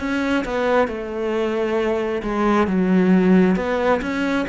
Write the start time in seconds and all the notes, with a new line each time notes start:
0.00 C#4
0.45 B3
0.88 A3
2.23 G#3
2.67 F#3
3.56 B3
4.01 C#4